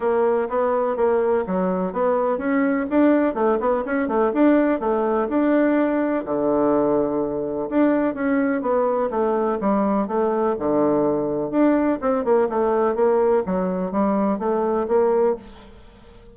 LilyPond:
\new Staff \with { instrumentName = "bassoon" } { \time 4/4 \tempo 4 = 125 ais4 b4 ais4 fis4 | b4 cis'4 d'4 a8 b8 | cis'8 a8 d'4 a4 d'4~ | d'4 d2. |
d'4 cis'4 b4 a4 | g4 a4 d2 | d'4 c'8 ais8 a4 ais4 | fis4 g4 a4 ais4 | }